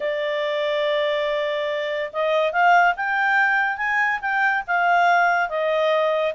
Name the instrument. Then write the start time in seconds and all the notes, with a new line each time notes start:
clarinet
0.00 D5
2.12 D#5
2.52 F5
2.96 G5
3.77 G#5
4.21 G5
4.67 F5
5.49 D#5